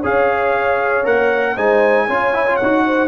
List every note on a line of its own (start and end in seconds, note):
0.00 1.06 C#4
0.00 1.04 G#4
0.00 1.54 C#5
0.00 1.06 F5
1.04 1.57 A#3
1.04 1.55 A#4
1.04 1.57 F#5
1.55 2.08 G#3
1.55 2.08 D#4
1.55 2.06 C5
1.55 2.56 G#5
2.07 2.59 C#4
2.07 2.33 F4
2.07 2.84 C#5
2.33 2.46 E4
2.46 2.59 F4
2.56 3.07 D#4
2.56 3.07 F#5
2.63 3.07 F#4
2.86 3.07 C5